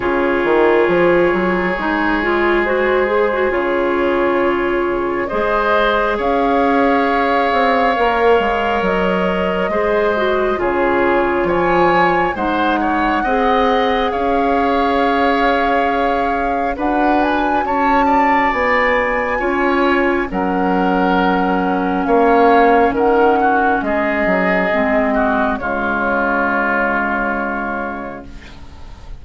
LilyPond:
<<
  \new Staff \with { instrumentName = "flute" } { \time 4/4 \tempo 4 = 68 cis''2. c''4 | cis''2 dis''4 f''4~ | f''2 dis''2 | cis''4 gis''4 fis''2 |
f''2. fis''8 gis''8 | a''4 gis''2 fis''4~ | fis''4 f''4 fis''4 dis''4~ | dis''4 cis''2. | }
  \new Staff \with { instrumentName = "oboe" } { \time 4/4 gis'1~ | gis'2 c''4 cis''4~ | cis''2. c''4 | gis'4 cis''4 c''8 cis''8 dis''4 |
cis''2. b'4 | cis''8 d''4. cis''4 ais'4~ | ais'4 cis''4 ais'8 fis'8 gis'4~ | gis'8 fis'8 f'2. | }
  \new Staff \with { instrumentName = "clarinet" } { \time 4/4 f'2 dis'8 f'8 fis'8 gis'16 fis'16 | f'2 gis'2~ | gis'4 ais'2 gis'8 fis'8 | f'2 dis'4 gis'4~ |
gis'2. fis'4~ | fis'2 f'4 cis'4~ | cis'1 | c'4 gis2. | }
  \new Staff \with { instrumentName = "bassoon" } { \time 4/4 cis8 dis8 f8 fis8 gis2 | cis2 gis4 cis'4~ | cis'8 c'8 ais8 gis8 fis4 gis4 | cis4 f4 gis4 c'4 |
cis'2. d'4 | cis'4 b4 cis'4 fis4~ | fis4 ais4 dis4 gis8 fis8 | gis4 cis2. | }
>>